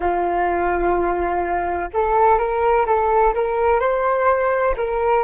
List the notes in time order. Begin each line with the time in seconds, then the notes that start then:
0.00 F4
1.93 A4
2.38 A#4
2.86 A4
3.34 A#4
3.80 C5
4.76 A#4